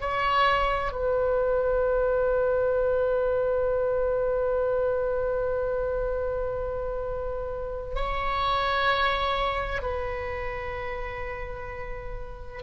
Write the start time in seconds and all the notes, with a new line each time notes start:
0.00 C#5
0.92 B4
7.95 C#5
9.81 B4